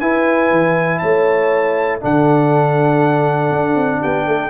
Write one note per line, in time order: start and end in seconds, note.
0.00 0.51 E4
0.00 2.01 E4
0.00 1.01 B4
0.00 0.99 G#5
0.51 1.01 E3
0.99 2.04 A3
0.99 2.01 C#5
0.99 1.99 A5
2.01 3.51 D3
2.01 4.50 D4
2.01 4.01 A4
2.01 4.03 F#5
3.51 3.76 D4
3.76 4.01 C4
4.01 4.28 B3
4.01 4.26 G4
4.01 4.50 G5
4.27 4.50 A3
4.27 4.50 A4